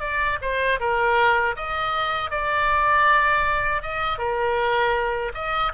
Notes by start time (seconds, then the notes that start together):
0.00 D5
0.41 C5
0.79 A#4
1.56 D#5
2.31 D5
3.82 D#5
4.18 A#4
5.34 D#5